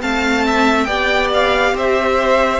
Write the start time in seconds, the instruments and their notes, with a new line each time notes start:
0.00 cello A3, viola C4, violin F5 A5
0.46 violin E5
0.84 cello B3, viola G4, violin D5 G5
1.33 violin F5
1.73 cello C4, violin C5 E5